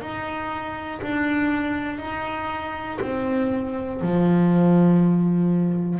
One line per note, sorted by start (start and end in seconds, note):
0.00 1.00 D#4
1.02 1.99 D4
1.99 2.99 D#4
3.01 4.01 C4
4.01 5.99 F3